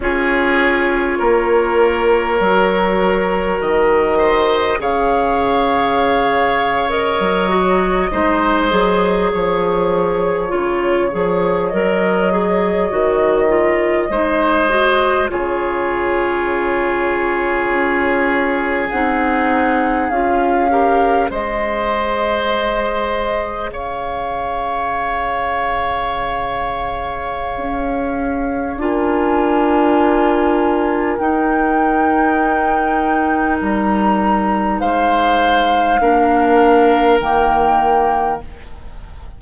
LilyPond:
<<
  \new Staff \with { instrumentName = "flute" } { \time 4/4 \tempo 4 = 50 cis''2. dis''4 | f''4.~ f''16 dis''2 cis''16~ | cis''4.~ cis''16 dis''2~ dis''16~ | dis''8. cis''2. fis''16~ |
fis''8. f''4 dis''2 f''16~ | f''1 | gis''2 g''2 | ais''4 f''2 g''4 | }
  \new Staff \with { instrumentName = "oboe" } { \time 4/4 gis'4 ais'2~ ais'8 c''8 | cis''2~ cis''8. c''4 cis''16~ | cis''2.~ cis''8. c''16~ | c''8. gis'2.~ gis'16~ |
gis'4~ gis'16 ais'8 c''2 cis''16~ | cis''1 | ais'1~ | ais'4 c''4 ais'2 | }
  \new Staff \with { instrumentName = "clarinet" } { \time 4/4 f'2 fis'2 | gis'4.~ gis'16 ais'8 fis'8 dis'8 gis'8.~ | gis'8. f'8 gis'8 ais'8 gis'8 fis'8 f'8 dis'16~ | dis'16 fis'8 f'2. dis'16~ |
dis'8. f'8 g'8 gis'2~ gis'16~ | gis'1 | f'2 dis'2~ | dis'2 d'4 ais4 | }
  \new Staff \with { instrumentName = "bassoon" } { \time 4/4 cis'4 ais4 fis4 dis4 | cis2 fis8. gis8 fis8 f16~ | f8. cis8 f8 fis4 dis4 gis16~ | gis8. cis2 cis'4 c'16~ |
c'8. cis'4 gis2 cis16~ | cis2. cis'4 | d'2 dis'2 | g4 gis4 ais4 dis4 | }
>>